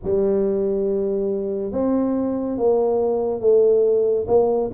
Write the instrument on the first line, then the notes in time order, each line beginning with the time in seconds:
tuba
0.03 G3
1.72 C4
2.57 A#3
3.40 A3
4.27 A#3